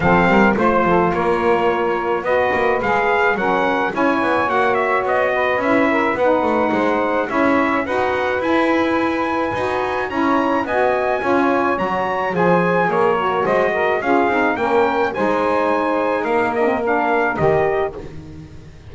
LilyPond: <<
  \new Staff \with { instrumentName = "trumpet" } { \time 4/4 \tempo 4 = 107 f''4 c''4 cis''2 | dis''4 f''4 fis''4 gis''4 | fis''8 e''8 dis''4 e''4 fis''4~ | fis''4 e''4 fis''4 gis''4~ |
gis''2 ais''4 gis''4~ | gis''4 ais''4 gis''4 cis''4 | dis''4 f''4 g''4 gis''4~ | gis''4 f''8 dis''8 f''4 dis''4 | }
  \new Staff \with { instrumentName = "saxophone" } { \time 4/4 a'8 ais'8 c''8 a'8 ais'2 | b'2 ais'4 cis''4~ | cis''4. b'4 ais'8 b'4 | c''4 cis''4 b'2~ |
b'2 cis''4 dis''4 | cis''2 c''4 ais'4 | c''8 ais'8 gis'4 ais'4 c''4~ | c''4 ais'2. | }
  \new Staff \with { instrumentName = "saxophone" } { \time 4/4 c'4 f'2. | fis'4 gis'4 cis'4 e'4 | fis'2 e'4 dis'4~ | dis'4 e'4 fis'4 e'4~ |
e'4 fis'4 e'4 fis'4 | f'4 fis'4 gis'4. fis'8~ | fis'4 f'8 dis'8 cis'4 dis'4~ | dis'4. d'16 c'16 d'4 g'4 | }
  \new Staff \with { instrumentName = "double bass" } { \time 4/4 f8 g8 a8 f8 ais2 | b8 ais8 gis4 fis4 cis'8 b8 | ais4 b4 cis'4 b8 a8 | gis4 cis'4 dis'4 e'4~ |
e'4 dis'4 cis'4 b4 | cis'4 fis4 f4 ais4 | gis4 cis'8 c'8 ais4 gis4~ | gis4 ais2 dis4 | }
>>